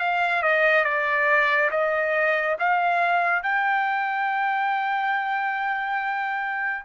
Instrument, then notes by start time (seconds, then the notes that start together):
trumpet
0.00 F5
0.43 D#5
0.85 D5
1.71 D#5
2.59 F5
3.43 G5